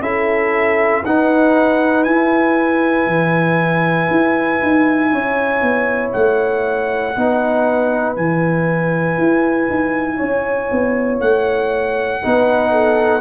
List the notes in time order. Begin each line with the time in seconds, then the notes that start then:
0.00 C#4 E4 A4 E5
1.05 D#4 B4 F#5
2.04 E4 G#5
3.07 E3
4.11 E4
4.62 D#4
5.12 C#4 C#5
5.62 B3
6.13 A3 F#5
7.17 B3 D#4 B4
8.16 E3 E4 G#5
9.18 E4
9.70 D#4
10.17 C#4 C#5
10.72 B3
11.21 A3 F#5
12.23 B3 D#4 B4
12.72 A4